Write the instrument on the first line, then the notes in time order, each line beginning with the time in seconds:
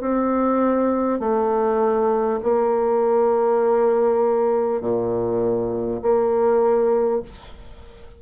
bassoon
0.00 C4
1.19 A3
2.42 A#3
4.81 A#2
6.02 A#3